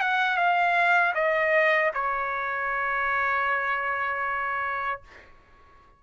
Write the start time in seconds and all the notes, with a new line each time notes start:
0.00 F#5
0.37 F5
1.14 D#5
1.94 C#5